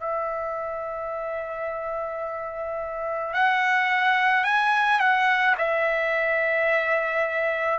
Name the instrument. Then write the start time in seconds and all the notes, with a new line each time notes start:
trumpet
0.00 E5
3.33 F#5
4.43 G#5
4.99 F#5
5.58 E5